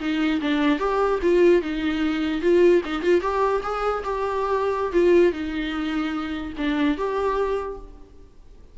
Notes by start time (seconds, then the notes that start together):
0.00 D#4
0.41 D4
0.79 G4
1.22 F4
1.62 D#4
2.42 F4
2.85 D#4
3.02 F4
3.21 G4
3.63 G#4
4.04 G4
4.93 F4
5.32 D#4
6.58 D4
6.97 G4